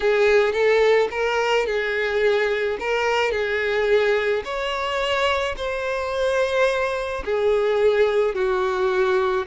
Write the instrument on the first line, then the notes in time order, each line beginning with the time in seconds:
violin
0.00 G#4
0.52 A4
1.11 A#4
1.66 G#4
2.79 A#4
3.31 G#4
4.44 C#5
5.56 C5
7.24 G#4
8.34 F#4